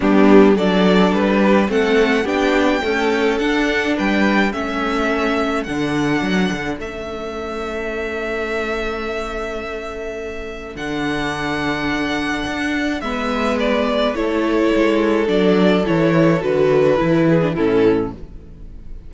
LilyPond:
<<
  \new Staff \with { instrumentName = "violin" } { \time 4/4 \tempo 4 = 106 g'4 d''4 b'4 fis''4 | g''2 fis''4 g''4 | e''2 fis''2 | e''1~ |
e''2. fis''4~ | fis''2. e''4 | d''4 cis''2 d''4 | cis''4 b'2 a'4 | }
  \new Staff \with { instrumentName = "violin" } { \time 4/4 d'4 a'4. g'8 a'4 | g'4 a'2 b'4 | a'1~ | a'1~ |
a'1~ | a'2. b'4~ | b'4 a'2.~ | a'2~ a'8 gis'8 e'4 | }
  \new Staff \with { instrumentName = "viola" } { \time 4/4 b4 d'2 c'4 | d'4 a4 d'2 | cis'2 d'2 | cis'1~ |
cis'2. d'4~ | d'2. b4~ | b4 e'2 d'4 | e'4 fis'4 e'8. d'16 cis'4 | }
  \new Staff \with { instrumentName = "cello" } { \time 4/4 g4 fis4 g4 a4 | b4 cis'4 d'4 g4 | a2 d4 fis8 d8 | a1~ |
a2. d4~ | d2 d'4 gis4~ | gis4 a4 gis4 fis4 | e4 d4 e4 a,4 | }
>>